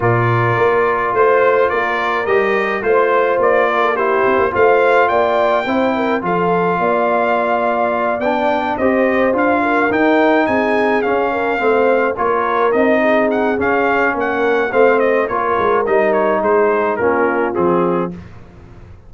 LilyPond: <<
  \new Staff \with { instrumentName = "trumpet" } { \time 4/4 \tempo 4 = 106 d''2 c''4 d''4 | dis''4 c''4 d''4 c''4 | f''4 g''2 f''4~ | f''2~ f''8 g''4 dis''8~ |
dis''8 f''4 g''4 gis''4 f''8~ | f''4. cis''4 dis''4 fis''8 | f''4 fis''4 f''8 dis''8 cis''4 | dis''8 cis''8 c''4 ais'4 gis'4 | }
  \new Staff \with { instrumentName = "horn" } { \time 4/4 ais'2 c''4 ais'4~ | ais'4 c''4. ais'16 a'16 g'4 | c''4 d''4 c''8 ais'8 a'4 | d''2.~ d''8 c''8~ |
c''4 ais'4. gis'4. | ais'8 c''4 ais'4. gis'4~ | gis'4 ais'4 c''4 ais'4~ | ais'4 gis'4 f'2 | }
  \new Staff \with { instrumentName = "trombone" } { \time 4/4 f'1 | g'4 f'2 e'4 | f'2 e'4 f'4~ | f'2~ f'8 d'4 g'8~ |
g'8 f'4 dis'2 cis'8~ | cis'8 c'4 f'4 dis'4. | cis'2 c'4 f'4 | dis'2 cis'4 c'4 | }
  \new Staff \with { instrumentName = "tuba" } { \time 4/4 ais,4 ais4 a4 ais4 | g4 a4 ais4. c'16 ais16 | a4 ais4 c'4 f4 | ais2~ ais8 b4 c'8~ |
c'8 d'4 dis'4 c'4 cis'8~ | cis'8 a4 ais4 c'4. | cis'4 ais4 a4 ais8 gis8 | g4 gis4 ais4 f4 | }
>>